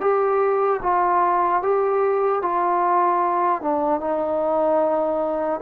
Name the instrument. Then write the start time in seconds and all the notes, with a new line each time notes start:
trombone
0.00 G4
0.82 F4
1.62 G4
2.42 F4
3.61 D4
4.00 D#4